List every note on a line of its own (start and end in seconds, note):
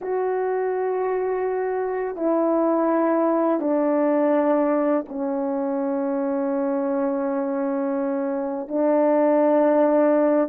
0.01 2.16 F#4
2.16 3.60 E4
3.60 5.04 D4
5.08 8.67 C#4
8.67 10.48 D4